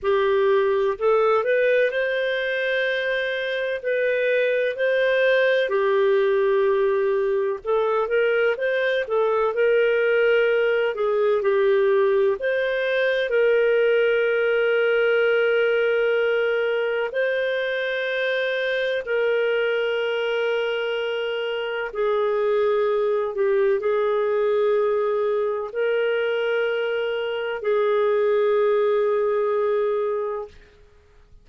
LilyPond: \new Staff \with { instrumentName = "clarinet" } { \time 4/4 \tempo 4 = 63 g'4 a'8 b'8 c''2 | b'4 c''4 g'2 | a'8 ais'8 c''8 a'8 ais'4. gis'8 | g'4 c''4 ais'2~ |
ais'2 c''2 | ais'2. gis'4~ | gis'8 g'8 gis'2 ais'4~ | ais'4 gis'2. | }